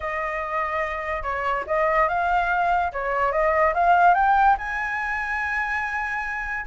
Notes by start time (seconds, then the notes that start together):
0.00 D#5
1.23 C#5
1.67 D#5
2.08 F5
2.92 C#5
3.31 D#5
3.74 F5
4.14 G5
4.57 G#5